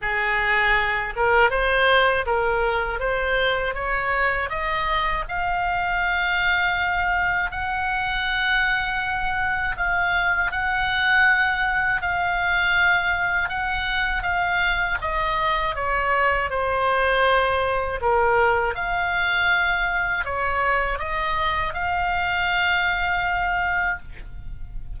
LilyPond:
\new Staff \with { instrumentName = "oboe" } { \time 4/4 \tempo 4 = 80 gis'4. ais'8 c''4 ais'4 | c''4 cis''4 dis''4 f''4~ | f''2 fis''2~ | fis''4 f''4 fis''2 |
f''2 fis''4 f''4 | dis''4 cis''4 c''2 | ais'4 f''2 cis''4 | dis''4 f''2. | }